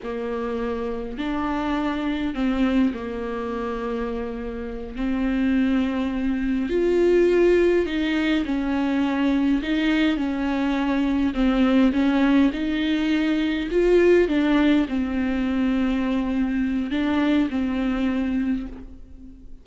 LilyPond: \new Staff \with { instrumentName = "viola" } { \time 4/4 \tempo 4 = 103 ais2 d'2 | c'4 ais2.~ | ais8 c'2. f'8~ | f'4. dis'4 cis'4.~ |
cis'8 dis'4 cis'2 c'8~ | c'8 cis'4 dis'2 f'8~ | f'8 d'4 c'2~ c'8~ | c'4 d'4 c'2 | }